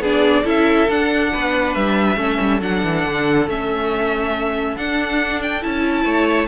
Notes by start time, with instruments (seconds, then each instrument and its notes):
0.00 cello B3, viola D4, violin G#4 D5
0.44 cello C#4, viola E4, violin A4 E5
0.89 cello D4, viola D4, violin F#5
1.33 cello B3, violin B4
1.75 cello G3, violin E5
2.17 cello A3, viola C#4, violin A4
2.40 cello G3
2.62 cello F#3, viola D4, violin F#5
2.84 cello E3
3.05 cello D3
3.47 cello A3, viola C#4, violin E5
4.77 cello D4, viola D4, violin F#5
5.43 violin G5
5.62 cello C#4, viola E4, violin A5
6.05 cello A3, violin C#5